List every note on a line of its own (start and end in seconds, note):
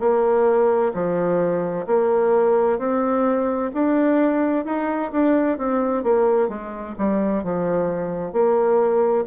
0.00 0.92 A#3
0.94 1.86 F3
1.87 2.79 A#3
2.79 3.71 C4
3.74 4.65 D4
4.65 5.11 D#4
5.12 5.58 D4
5.58 6.03 C4
6.03 6.49 A#3
6.49 6.95 G#3
6.98 7.43 G3
7.43 8.32 F3
8.32 9.25 A#3